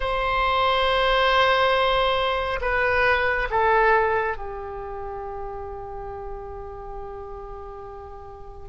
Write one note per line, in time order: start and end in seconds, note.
0.00 2.59 C5
2.61 3.48 B4
3.50 4.37 A4
4.37 8.68 G4